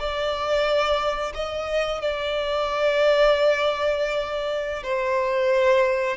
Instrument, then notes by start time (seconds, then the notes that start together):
violin
0.00 D5
1.35 D#5
2.02 D5
4.84 C5